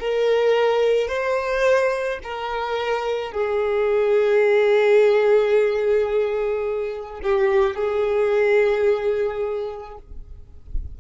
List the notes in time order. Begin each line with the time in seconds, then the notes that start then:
0.00 A#4
1.09 C5
2.24 A#4
3.32 G#4
7.24 G4
7.76 G#4